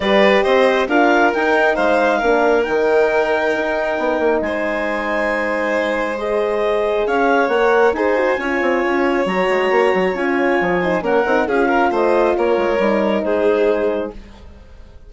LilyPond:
<<
  \new Staff \with { instrumentName = "clarinet" } { \time 4/4 \tempo 4 = 136 d''4 dis''4 f''4 g''4 | f''2 g''2~ | g''2 gis''2~ | gis''2 dis''2 |
f''4 fis''4 gis''2~ | gis''4 ais''2 gis''4~ | gis''4 fis''4 f''4 dis''4 | cis''2 c''2 | }
  \new Staff \with { instrumentName = "violin" } { \time 4/4 b'4 c''4 ais'2 | c''4 ais'2.~ | ais'2 c''2~ | c''1 |
cis''2 c''4 cis''4~ | cis''1~ | cis''8 c''8 ais'4 gis'8 ais'8 c''4 | ais'2 gis'2 | }
  \new Staff \with { instrumentName = "horn" } { \time 4/4 g'2 f'4 dis'4~ | dis'4 d'4 dis'2~ | dis'1~ | dis'2 gis'2~ |
gis'4 ais'4 gis'8 fis'8 f'4~ | f'4 fis'2 f'4~ | f'8 dis'8 cis'8 dis'8 f'2~ | f'4 dis'2. | }
  \new Staff \with { instrumentName = "bassoon" } { \time 4/4 g4 c'4 d'4 dis'4 | gis4 ais4 dis2 | dis'4 b8 ais8 gis2~ | gis1 |
cis'4 ais4 dis'4 cis'8 c'8 | cis'4 fis8 gis8 ais8 fis8 cis'4 | f4 ais8 c'8 cis'4 a4 | ais8 gis8 g4 gis2 | }
>>